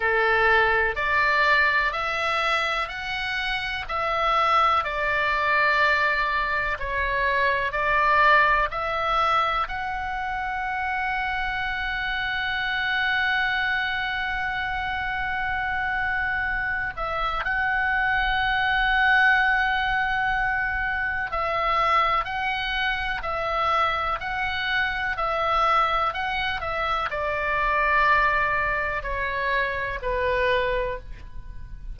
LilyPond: \new Staff \with { instrumentName = "oboe" } { \time 4/4 \tempo 4 = 62 a'4 d''4 e''4 fis''4 | e''4 d''2 cis''4 | d''4 e''4 fis''2~ | fis''1~ |
fis''4. e''8 fis''2~ | fis''2 e''4 fis''4 | e''4 fis''4 e''4 fis''8 e''8 | d''2 cis''4 b'4 | }